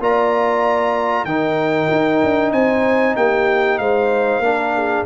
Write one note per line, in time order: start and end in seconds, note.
0.00 1.25 A#3
0.00 1.28 F4
0.00 1.28 D5
0.00 1.26 A#5
1.25 1.88 D#3
1.25 4.44 D#4
1.25 2.53 A#4
1.25 2.52 G5
1.91 2.23 D#4
2.23 2.52 D4
2.52 3.16 C4
2.52 3.16 C5
2.52 3.16 G#5
3.17 3.79 A#3
3.17 3.81 G4
3.17 3.79 G5
3.79 4.39 G#3
3.79 4.44 C5
3.79 5.05 F5
4.39 5.02 A#3
4.39 5.06 D4
4.46 4.76 A#4
4.76 5.06 G#4